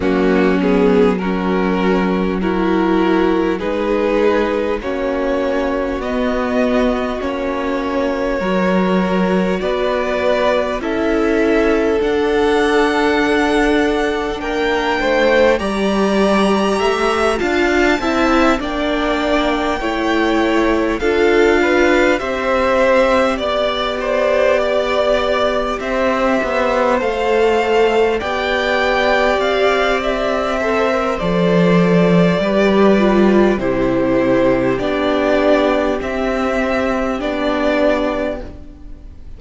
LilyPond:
<<
  \new Staff \with { instrumentName = "violin" } { \time 4/4 \tempo 4 = 50 fis'8 gis'8 ais'4 fis'4 b'4 | cis''4 dis''4 cis''2 | d''4 e''4 fis''2 | g''4 ais''4. a''4 g''8~ |
g''4. f''4 e''4 d''8~ | d''4. e''4 f''4 g''8~ | g''8 f''8 e''4 d''2 | c''4 d''4 e''4 d''4 | }
  \new Staff \with { instrumentName = "violin" } { \time 4/4 cis'4 fis'4 ais'4 gis'4 | fis'2. ais'4 | b'4 a'2. | ais'8 c''8 d''4 e''8 f''8 e''8 d''8~ |
d''8 cis''4 a'8 b'8 c''4 d''8 | c''8 d''4 c''2 d''8~ | d''4. c''4. b'4 | g'1 | }
  \new Staff \with { instrumentName = "viola" } { \time 4/4 ais8 b8 cis'4 e'4 dis'4 | cis'4 b4 cis'4 fis'4~ | fis'4 e'4 d'2~ | d'4 g'4. f'8 e'8 d'8~ |
d'8 e'4 f'4 g'4.~ | g'2~ g'8 a'4 g'8~ | g'4. a'16 ais'16 a'4 g'8 f'8 | e'4 d'4 c'4 d'4 | }
  \new Staff \with { instrumentName = "cello" } { \time 4/4 fis2. gis4 | ais4 b4 ais4 fis4 | b4 cis'4 d'2 | ais8 a8 g4 a8 d'8 c'8 ais8~ |
ais8 a4 d'4 c'4 b8~ | b4. c'8 b8 a4 b8~ | b8 c'4. f4 g4 | c4 b4 c'4 b4 | }
>>